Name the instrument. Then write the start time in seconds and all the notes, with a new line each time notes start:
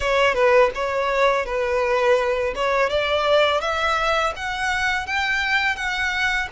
violin
0.00 C#5
0.34 B4
0.74 C#5
1.45 B4
2.55 C#5
2.89 D5
3.60 E5
4.36 F#5
5.06 G5
5.76 F#5